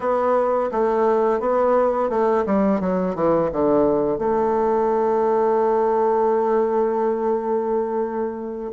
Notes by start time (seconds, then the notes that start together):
0.00 B3
0.71 A3
1.40 B3
2.09 A3
2.45 G3
2.80 F#3
3.15 E3
3.52 D3
4.18 A3